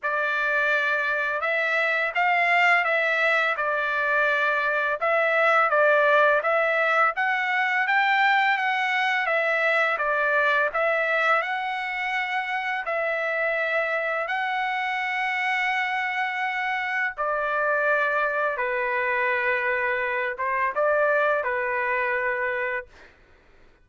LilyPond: \new Staff \with { instrumentName = "trumpet" } { \time 4/4 \tempo 4 = 84 d''2 e''4 f''4 | e''4 d''2 e''4 | d''4 e''4 fis''4 g''4 | fis''4 e''4 d''4 e''4 |
fis''2 e''2 | fis''1 | d''2 b'2~ | b'8 c''8 d''4 b'2 | }